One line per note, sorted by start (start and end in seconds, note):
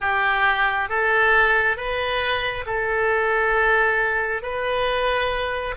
0.00 0.89 G4
0.89 1.76 A4
1.76 2.65 B4
2.66 4.42 A4
4.42 5.74 B4